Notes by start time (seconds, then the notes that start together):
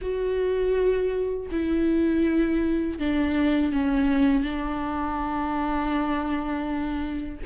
0.01 F#4
1.51 E4
2.99 D4
3.72 C#4
4.43 D4